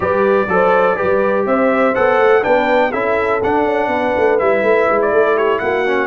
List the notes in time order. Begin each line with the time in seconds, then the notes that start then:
0.00 G3 G4 B4 D5
0.48 F#3 A4 C5
0.96 G3 G4 B4
1.46 C4 C5 E5
1.94 B3 A4 F#5
2.19 A3
2.42 B3 D4 B4 G5
2.92 C#4 E4 A4 E5
3.43 D4 F#5
3.64 C#4
3.87 B3 B4
4.16 A3
4.38 G3 E4 E5
4.62 A3
4.90 G#3
5.01 D5
5.11 A3 A4
5.35 G4 C#5
5.59 A#3 F#4 F#5
5.86 C#4